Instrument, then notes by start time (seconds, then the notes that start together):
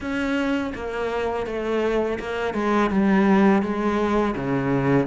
cello
0.00 C#4
0.74 A#3
1.46 A3
2.19 A#3
2.54 G#3
2.90 G3
3.62 G#3
4.35 C#3